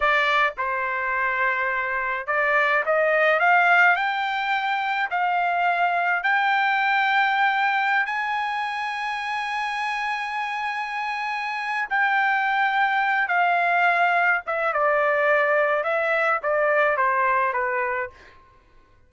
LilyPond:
\new Staff \with { instrumentName = "trumpet" } { \time 4/4 \tempo 4 = 106 d''4 c''2. | d''4 dis''4 f''4 g''4~ | g''4 f''2 g''4~ | g''2~ g''16 gis''4.~ gis''16~ |
gis''1~ | gis''4 g''2~ g''8 f''8~ | f''4. e''8 d''2 | e''4 d''4 c''4 b'4 | }